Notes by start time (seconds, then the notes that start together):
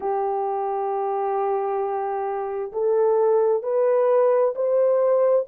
0.00 G4
2.72 A4
3.62 B4
4.55 C5